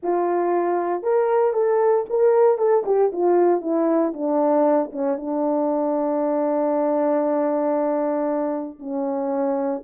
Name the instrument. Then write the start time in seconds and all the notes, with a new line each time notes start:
horn
0.03 F4
1.03 A#4
1.53 A4
2.09 A#4
2.57 A4
2.85 G4
3.12 F4
3.61 E4
4.13 D4
4.92 C#4
5.16 D4
8.79 C#4